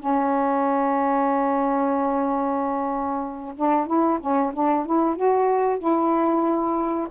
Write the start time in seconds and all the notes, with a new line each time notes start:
0.00 C#4
3.57 D4
3.87 E4
4.21 C#4
4.54 D4
4.86 E4
5.16 F#4
5.79 E4